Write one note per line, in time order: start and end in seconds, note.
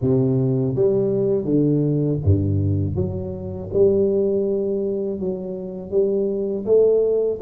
0.01 0.75 C3
0.75 1.44 G3
1.44 2.19 D3
2.24 2.95 G2
2.95 3.69 F#3
3.73 5.19 G3
5.19 5.91 F#3
5.91 6.65 G3
6.65 7.39 A3